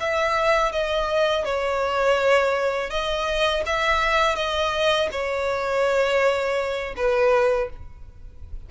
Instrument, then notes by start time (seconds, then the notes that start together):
violin
0.00 E5
0.72 D#5
1.45 C#5
2.90 D#5
3.66 E5
4.36 D#5
5.12 C#5
6.97 B4